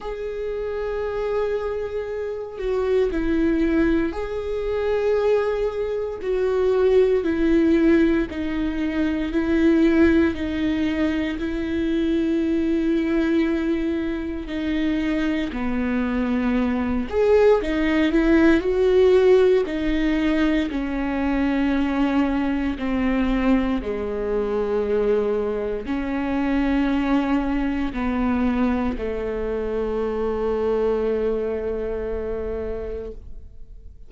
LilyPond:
\new Staff \with { instrumentName = "viola" } { \time 4/4 \tempo 4 = 58 gis'2~ gis'8 fis'8 e'4 | gis'2 fis'4 e'4 | dis'4 e'4 dis'4 e'4~ | e'2 dis'4 b4~ |
b8 gis'8 dis'8 e'8 fis'4 dis'4 | cis'2 c'4 gis4~ | gis4 cis'2 b4 | a1 | }